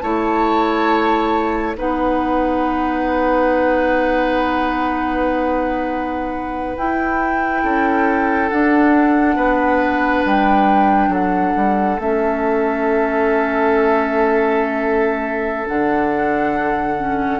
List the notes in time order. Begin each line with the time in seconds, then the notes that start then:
0.00 A3 E4 C#5 A5
1.76 B3 D#4 B4 F#5
6.77 E4 G5
7.63 C#4 A4
8.50 D4 F#5
9.36 B3 B4
10.25 G3 G5
11.09 F#3 A4 F#5
11.57 G3
11.99 A3 C#4 E5
15.67 D3 D4 F#5
16.98 C#4